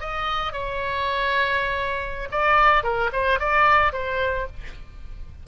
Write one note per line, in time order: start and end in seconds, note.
0.00 0.52 D#5
0.52 2.28 C#5
2.31 2.83 D5
2.83 3.10 A#4
3.12 3.39 C5
3.39 3.92 D5
3.92 4.46 C5